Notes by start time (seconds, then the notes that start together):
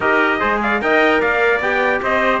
0.00 D#4 G4 A#4 D#5
0.39 G#3 G#4 C5
0.62 D5 F5
0.80 D#4 A#4 D#5 G5
1.20 A#3 D5 F5
1.59 B3 G4 G5
2.02 C4 C5 D#5